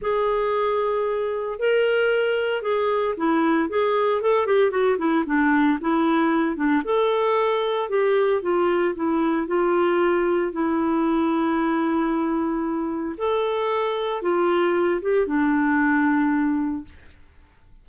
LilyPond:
\new Staff \with { instrumentName = "clarinet" } { \time 4/4 \tempo 4 = 114 gis'2. ais'4~ | ais'4 gis'4 e'4 gis'4 | a'8 g'8 fis'8 e'8 d'4 e'4~ | e'8 d'8 a'2 g'4 |
f'4 e'4 f'2 | e'1~ | e'4 a'2 f'4~ | f'8 g'8 d'2. | }